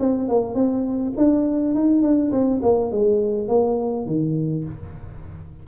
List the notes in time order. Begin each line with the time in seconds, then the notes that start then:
0.00 C4
0.29 A#3
0.55 C4
1.18 D4
1.75 D#4
2.03 D4
2.32 C4
2.63 A#3
2.92 G#3
3.48 A#3
4.06 D#3